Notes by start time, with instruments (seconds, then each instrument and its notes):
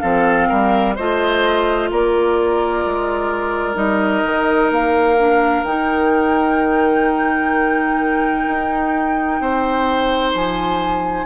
0.00 bassoon F3, clarinet C4, oboe A4, flute F5
0.49 bassoon G3, oboe A#4
0.96 bassoon A3, clarinet F4, oboe C5, flute D#5
1.91 bassoon A#3, oboe A#4, flute D5
2.86 bassoon G#3
3.75 bassoon G3, clarinet D#4, flute D#5
4.24 bassoon D#3
4.71 bassoon A#3, flute F5
5.19 clarinet D4
5.63 bassoon D#3, clarinet D#4, flute G5
8.47 bassoon D#4
9.40 bassoon C4, oboe C5
10.35 bassoon F3, flute G#5